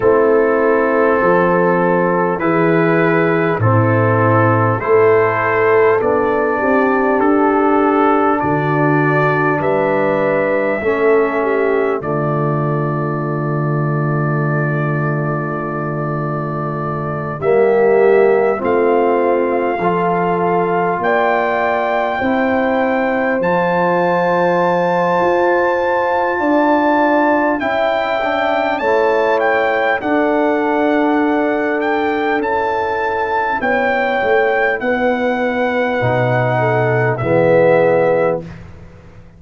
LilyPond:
<<
  \new Staff \with { instrumentName = "trumpet" } { \time 4/4 \tempo 4 = 50 a'2 b'4 a'4 | c''4 d''4 a'4 d''4 | e''2 d''2~ | d''2~ d''8 e''4 f''8~ |
f''4. g''2 a''8~ | a''2. g''4 | a''8 g''8 fis''4. g''8 a''4 | g''4 fis''2 e''4 | }
  \new Staff \with { instrumentName = "horn" } { \time 4/4 e'4 a'4 gis'4 e'4 | a'4. g'4. fis'4 | b'4 a'8 g'8 f'2~ | f'2~ f'8 g'4 f'8~ |
f'8 a'4 d''4 c''4.~ | c''2 d''4 e''4 | cis''4 a'2. | cis''4 b'4. a'8 gis'4 | }
  \new Staff \with { instrumentName = "trombone" } { \time 4/4 c'2 e'4 c'4 | e'4 d'2.~ | d'4 cis'4 a2~ | a2~ a8 ais4 c'8~ |
c'8 f'2 e'4 f'8~ | f'2. e'8 d'8 | e'4 d'2 e'4~ | e'2 dis'4 b4 | }
  \new Staff \with { instrumentName = "tuba" } { \time 4/4 a4 f4 e4 a,4 | a4 b8 c'8 d'4 d4 | g4 a4 d2~ | d2~ d8 g4 a8~ |
a8 f4 ais4 c'4 f8~ | f4 f'4 d'4 cis'4 | a4 d'2 cis'4 | b8 a8 b4 b,4 e4 | }
>>